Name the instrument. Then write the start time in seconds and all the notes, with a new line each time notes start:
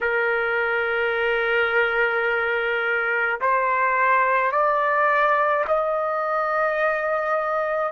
trumpet
0.00 A#4
3.41 C5
4.51 D5
5.67 D#5